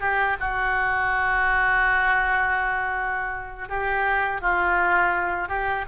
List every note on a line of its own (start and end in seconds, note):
0.00 0.37 G4
0.40 3.69 F#4
3.69 4.41 G4
4.41 5.48 F4
5.48 5.84 G4